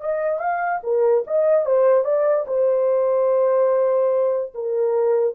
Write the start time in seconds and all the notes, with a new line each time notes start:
0.00 D#5
0.40 F5
0.83 A#4
1.26 D#5
1.65 C5
2.04 D5
2.47 C5
4.54 A#4